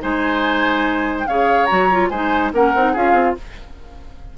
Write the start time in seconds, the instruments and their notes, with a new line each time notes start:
0.00 bassoon G#3, clarinet D#4, oboe C5, flute G#5
1.19 flute G5
1.27 bassoon C#3, clarinet G#4, oboe C#5, flute F5
1.66 bassoon F#3, clarinet F#4, flute A#5
1.91 clarinet F4
2.09 bassoon G#3, clarinet D#4, oboe C5, flute G#5
2.53 bassoon A#3, clarinet C#4, oboe A#4, flute F#5
2.75 bassoon C4, clarinet D#4
2.93 bassoon C#4, clarinet F4, oboe G#4, flute F5
3.13 bassoon C4